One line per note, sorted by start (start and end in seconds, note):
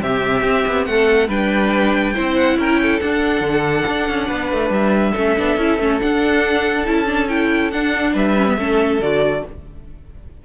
0.00 0.43 C3
0.00 1.29 C4
0.00 0.88 G4
0.00 0.86 E5
0.43 0.65 C4
0.68 0.87 B3
0.86 1.29 A3
0.86 1.29 A4
0.86 1.29 F#5
1.29 2.14 G3
1.29 2.15 D4
1.29 2.14 B4
1.29 2.36 G5
2.15 2.57 C4
2.15 3.01 E4
2.15 2.58 C5
2.36 2.58 F#5
2.57 3.00 C#4
2.57 2.81 A#4
2.57 3.00 G5
2.82 4.28 A4
3.00 5.16 D4
3.00 3.41 D4
3.00 4.72 F#5
3.41 3.84 D3
3.88 4.09 D4
4.09 4.30 C#4
4.28 4.53 B3
4.28 5.12 B4
4.53 4.70 A3
4.70 5.13 G3
4.70 6.01 E5
5.12 5.39 A3
5.12 5.37 C#4
5.12 8.12 A4
5.37 5.58 B3
5.37 5.59 D4
5.58 5.79 C#4
5.58 5.80 E4
5.79 6.01 A3
5.79 6.01 C#4
6.01 6.86 D4
6.01 6.88 D4
6.01 6.87 F#5
6.86 7.73 C#4
6.86 7.06 E4
6.86 7.29 A5
7.06 7.28 D4
7.29 7.72 E4
7.29 7.71 G5
7.71 8.15 D4
7.71 8.38 D4
7.71 8.14 F#5
8.13 8.58 G3
8.13 8.56 B4
8.13 9.02 E5
8.38 8.47 C#4
8.47 8.58 B3
8.58 9.00 A3
8.58 9.01 C#4
8.58 9.46 A4
9.00 9.43 D3
9.00 9.46 F#4
9.00 9.45 D5